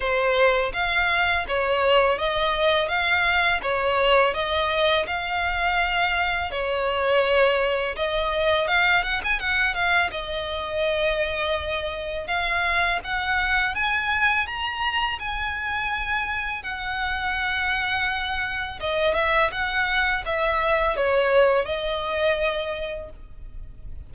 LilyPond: \new Staff \with { instrumentName = "violin" } { \time 4/4 \tempo 4 = 83 c''4 f''4 cis''4 dis''4 | f''4 cis''4 dis''4 f''4~ | f''4 cis''2 dis''4 | f''8 fis''16 gis''16 fis''8 f''8 dis''2~ |
dis''4 f''4 fis''4 gis''4 | ais''4 gis''2 fis''4~ | fis''2 dis''8 e''8 fis''4 | e''4 cis''4 dis''2 | }